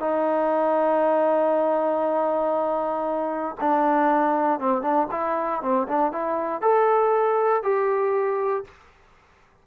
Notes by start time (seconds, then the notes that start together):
0.00 D#4
3.61 D4
4.60 C4
4.82 D4
5.11 E4
5.62 C4
5.88 D4
6.12 E4
6.62 A4
7.63 G4